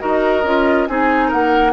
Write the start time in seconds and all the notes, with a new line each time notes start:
0.00 D#4 F#4 A#4 D#5
0.44 C#4 F4
0.87 C4 D#4 G#4 G#5
1.28 A#3 A#4 F#5